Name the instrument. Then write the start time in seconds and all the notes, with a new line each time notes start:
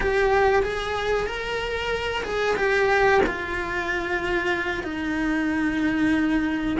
cello
0.00 G4
0.62 G#4
1.26 A#4
2.23 G#4
2.56 G4
3.26 F4
4.83 D#4